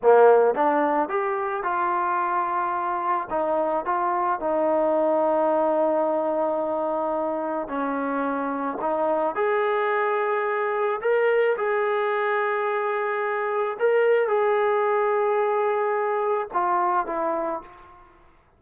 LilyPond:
\new Staff \with { instrumentName = "trombone" } { \time 4/4 \tempo 4 = 109 ais4 d'4 g'4 f'4~ | f'2 dis'4 f'4 | dis'1~ | dis'2 cis'2 |
dis'4 gis'2. | ais'4 gis'2.~ | gis'4 ais'4 gis'2~ | gis'2 f'4 e'4 | }